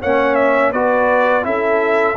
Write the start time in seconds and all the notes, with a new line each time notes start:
0.00 A#3 C#4 C#5 F#5
0.35 E5
0.72 B3 F#4 B4 D5
1.43 C#4 E4 A4 E5